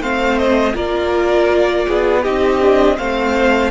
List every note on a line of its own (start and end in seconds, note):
0.00 0.74 A3
0.00 0.74 C4
0.00 0.75 C5
0.00 0.39 F5
0.39 0.76 D#5
0.74 1.87 A#3
0.74 2.23 F4
0.74 1.86 A#4
0.74 2.24 D5
1.88 2.26 B3
1.88 2.23 G#4
2.23 2.99 C4
2.23 2.61 D#4
2.23 2.97 G4
2.23 2.98 D#5
2.61 2.98 D4
2.98 3.71 A3
2.98 3.71 C4
2.98 3.71 C5
2.98 3.71 F5